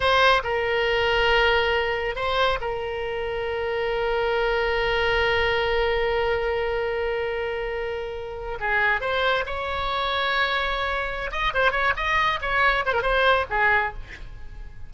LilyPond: \new Staff \with { instrumentName = "oboe" } { \time 4/4 \tempo 4 = 138 c''4 ais'2.~ | ais'4 c''4 ais'2~ | ais'1~ | ais'1~ |
ais'2.~ ais'8. gis'16~ | gis'8. c''4 cis''2~ cis''16~ | cis''2 dis''8 c''8 cis''8 dis''8~ | dis''8 cis''4 c''16 ais'16 c''4 gis'4 | }